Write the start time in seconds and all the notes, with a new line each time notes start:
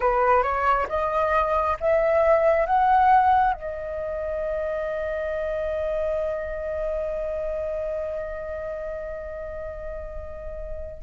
0.00 B4
0.42 C#5
0.88 D#5
1.80 E5
2.66 F#5
3.53 D#5